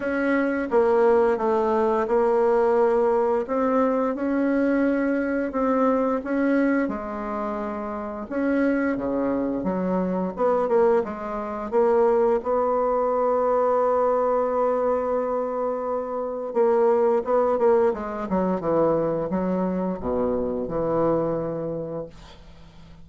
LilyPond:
\new Staff \with { instrumentName = "bassoon" } { \time 4/4 \tempo 4 = 87 cis'4 ais4 a4 ais4~ | ais4 c'4 cis'2 | c'4 cis'4 gis2 | cis'4 cis4 fis4 b8 ais8 |
gis4 ais4 b2~ | b1 | ais4 b8 ais8 gis8 fis8 e4 | fis4 b,4 e2 | }